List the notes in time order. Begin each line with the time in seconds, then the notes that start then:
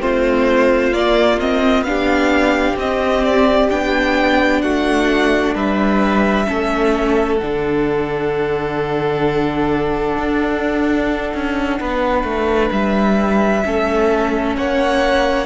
0.00 A3 C4 F4 C5
0.92 A#3 D5
1.40 C4 D#5
1.81 B3 D4 F5
1.88 G4
2.76 C4 D#5
3.24 D5
3.69 B3 D4 G5
4.62 A3 F#4 F#5
5.54 G3 B4 E5
6.46 A3 C#4 A4
7.36 D4 F#5
7.43 D3
10.17 D4
11.34 C#4
11.80 B3 B4
12.24 A3
12.72 G3 E5
13.64 A3 C#4 A4
14.56 A#3 C#5 F#5